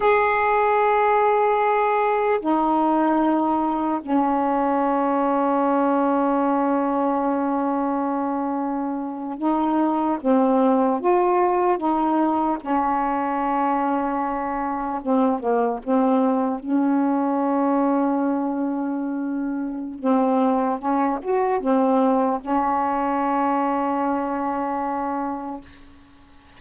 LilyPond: \new Staff \with { instrumentName = "saxophone" } { \time 4/4 \tempo 4 = 75 gis'2. dis'4~ | dis'4 cis'2.~ | cis'2.~ cis'8. dis'16~ | dis'8. c'4 f'4 dis'4 cis'16~ |
cis'2~ cis'8. c'8 ais8 c'16~ | c'8. cis'2.~ cis'16~ | cis'4 c'4 cis'8 fis'8 c'4 | cis'1 | }